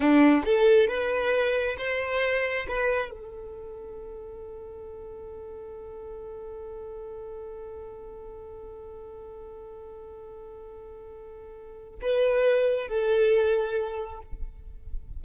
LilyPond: \new Staff \with { instrumentName = "violin" } { \time 4/4 \tempo 4 = 135 d'4 a'4 b'2 | c''2 b'4 a'4~ | a'1~ | a'1~ |
a'1~ | a'1~ | a'2. b'4~ | b'4 a'2. | }